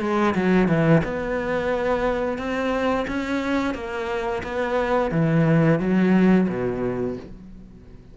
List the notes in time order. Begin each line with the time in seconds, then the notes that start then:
0.00 G#3
0.35 F#3
0.68 E3
1.04 B3
2.38 C4
3.07 C#4
3.74 A#3
4.43 B3
5.11 E3
5.79 F#3
6.48 B2